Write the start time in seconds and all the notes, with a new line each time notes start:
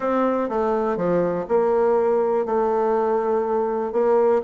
0.00 C4
0.49 A3
0.96 F3
1.48 A#3
2.45 A3
3.92 A#3